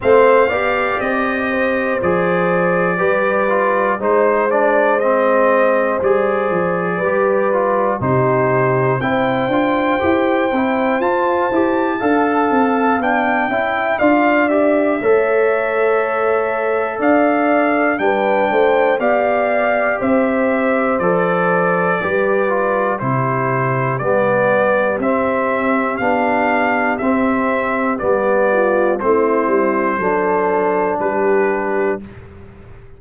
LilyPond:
<<
  \new Staff \with { instrumentName = "trumpet" } { \time 4/4 \tempo 4 = 60 f''4 dis''4 d''2 | c''8 d''8 dis''4 d''2 | c''4 g''2 a''4~ | a''4 g''4 f''8 e''4.~ |
e''4 f''4 g''4 f''4 | e''4 d''2 c''4 | d''4 e''4 f''4 e''4 | d''4 c''2 b'4 | }
  \new Staff \with { instrumentName = "horn" } { \time 4/4 c''8 d''4 c''4. b'4 | c''2. b'4 | g'4 c''2. | f''4. e''8 d''4 cis''4~ |
cis''4 d''4 b'8 c''8 d''4 | c''2 b'4 g'4~ | g'1~ | g'8 f'8 e'4 a'4 g'4 | }
  \new Staff \with { instrumentName = "trombone" } { \time 4/4 c'8 g'4. gis'4 g'8 f'8 | dis'8 d'8 c'4 gis'4 g'8 f'8 | dis'4 e'8 f'8 g'8 e'8 f'8 g'8 | a'4 d'8 e'8 f'8 g'8 a'4~ |
a'2 d'4 g'4~ | g'4 a'4 g'8 f'8 e'4 | b4 c'4 d'4 c'4 | b4 c'4 d'2 | }
  \new Staff \with { instrumentName = "tuba" } { \time 4/4 a8 b8 c'4 f4 g4 | gis2 g8 f8 g4 | c4 c'8 d'8 e'8 c'8 f'8 e'8 | d'8 c'8 b8 cis'8 d'4 a4~ |
a4 d'4 g8 a8 b4 | c'4 f4 g4 c4 | g4 c'4 b4 c'4 | g4 a8 g8 fis4 g4 | }
>>